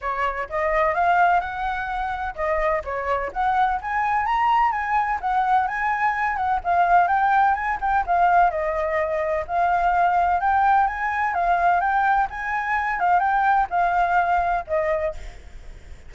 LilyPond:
\new Staff \with { instrumentName = "flute" } { \time 4/4 \tempo 4 = 127 cis''4 dis''4 f''4 fis''4~ | fis''4 dis''4 cis''4 fis''4 | gis''4 ais''4 gis''4 fis''4 | gis''4. fis''8 f''4 g''4 |
gis''8 g''8 f''4 dis''2 | f''2 g''4 gis''4 | f''4 g''4 gis''4. f''8 | g''4 f''2 dis''4 | }